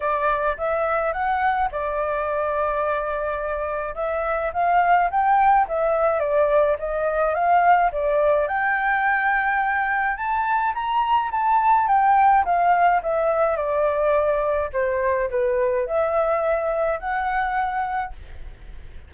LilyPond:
\new Staff \with { instrumentName = "flute" } { \time 4/4 \tempo 4 = 106 d''4 e''4 fis''4 d''4~ | d''2. e''4 | f''4 g''4 e''4 d''4 | dis''4 f''4 d''4 g''4~ |
g''2 a''4 ais''4 | a''4 g''4 f''4 e''4 | d''2 c''4 b'4 | e''2 fis''2 | }